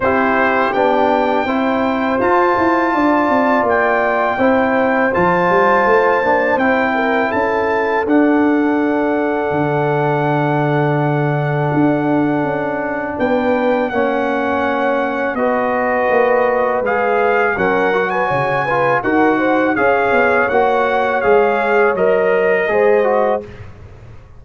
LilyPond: <<
  \new Staff \with { instrumentName = "trumpet" } { \time 4/4 \tempo 4 = 82 c''4 g''2 a''4~ | a''4 g''2 a''4~ | a''4 g''4 a''4 fis''4~ | fis''1~ |
fis''2 g''4 fis''4~ | fis''4 dis''2 f''4 | fis''8. gis''4~ gis''16 fis''4 f''4 | fis''4 f''4 dis''2 | }
  \new Staff \with { instrumentName = "horn" } { \time 4/4 g'2 c''2 | d''2 c''2~ | c''4. ais'8 a'2~ | a'1~ |
a'2 b'4 cis''4~ | cis''4 b'2. | ais'8. b'16 cis''8 b'8 ais'8 c''8 cis''4~ | cis''2. c''4 | }
  \new Staff \with { instrumentName = "trombone" } { \time 4/4 e'4 d'4 e'4 f'4~ | f'2 e'4 f'4~ | f'8 d'8 e'2 d'4~ | d'1~ |
d'2. cis'4~ | cis'4 fis'2 gis'4 | cis'8 fis'4 f'8 fis'4 gis'4 | fis'4 gis'4 ais'4 gis'8 fis'8 | }
  \new Staff \with { instrumentName = "tuba" } { \time 4/4 c'4 b4 c'4 f'8 e'8 | d'8 c'8 ais4 c'4 f8 g8 | a8 ais8 c'4 cis'4 d'4~ | d'4 d2. |
d'4 cis'4 b4 ais4~ | ais4 b4 ais4 gis4 | fis4 cis4 dis'4 cis'8 b8 | ais4 gis4 fis4 gis4 | }
>>